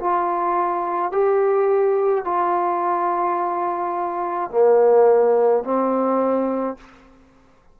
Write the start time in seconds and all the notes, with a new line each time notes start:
0.00 F4
1.12 G4
2.25 F4
4.51 A#3
5.64 C4